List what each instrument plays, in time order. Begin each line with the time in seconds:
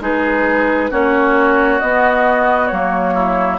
0.00 bassoon G#3, clarinet D#4, oboe G#4, flute B4
0.90 bassoon A#3, clarinet C#4, oboe F#4, flute C#5
1.79 bassoon B3, clarinet B3, flute D#5
2.67 bassoon F#3, clarinet A#3, flute C#5
3.14 oboe E4